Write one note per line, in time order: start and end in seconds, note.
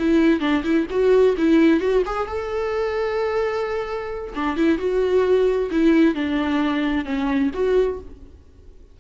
0.00 0.41 E4
0.41 0.63 D4
0.64 0.87 E4
0.91 1.36 F#4
1.38 1.81 E4
1.81 2.04 F#4
2.06 2.28 G#4
2.28 4.34 A4
4.35 4.57 D4
4.57 4.79 E4
4.79 5.70 F#4
5.71 6.15 E4
6.15 7.05 D4
7.05 7.51 C#4
7.54 8.00 F#4